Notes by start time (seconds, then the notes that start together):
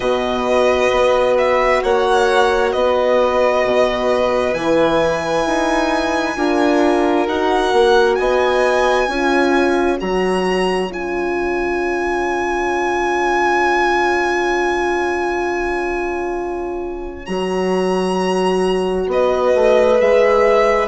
0.00 B2 F#4 B4 D#5
0.91 B3
1.37 E5
1.82 A#3 C#5 F#5
2.72 B3 B4 D#5
3.64 B2
4.53 E3 E4 G#5
5.46 D#4
6.36 D4 F4 A#4
7.27 D#4 F#4 F#5
7.73 A#3
8.15 B3 D#5 G#5
9.07 C#4 F4 C#5
9.98 F#3 F#4 A#5
10.90 C#4 F4 G#5
17.25 F#3 F#4 A#5
19.06 B3 B4 D#5
19.55 A3
19.98 G#3 G#4 E5